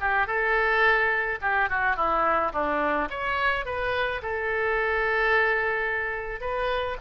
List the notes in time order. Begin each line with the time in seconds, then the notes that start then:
0.00 G4
0.27 A4
1.41 G4
1.69 F#4
1.96 E4
2.52 D4
3.10 C#5
3.65 B4
4.22 A4
6.41 B4